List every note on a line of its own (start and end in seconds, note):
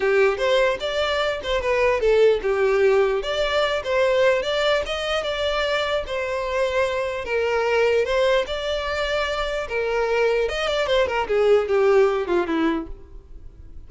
0.00 0.37 G4
0.37 0.77 C5
0.80 1.40 D5
1.43 1.61 C5
1.61 2.00 B4
2.00 2.40 A4
2.42 3.22 G4
3.22 3.82 D5
3.84 4.42 C5
4.42 4.82 D5
4.86 5.23 D#5
5.23 6.03 D5
6.06 7.25 C5
7.25 8.05 A#4
8.05 8.45 C5
8.47 9.67 D5
9.68 10.48 A#4
10.49 10.67 D#5
10.67 10.87 D5
10.87 11.07 C5
11.07 11.27 A#4
11.27 11.68 G#4
11.68 12.27 G4
12.27 12.46 F4
12.46 12.87 E4